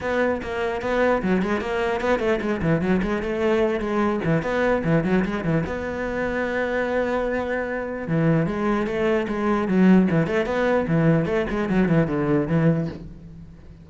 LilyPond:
\new Staff \with { instrumentName = "cello" } { \time 4/4 \tempo 4 = 149 b4 ais4 b4 fis8 gis8 | ais4 b8 a8 gis8 e8 fis8 gis8 | a4. gis4 e8 b4 | e8 fis8 gis8 e8 b2~ |
b1 | e4 gis4 a4 gis4 | fis4 e8 a8 b4 e4 | a8 gis8 fis8 e8 d4 e4 | }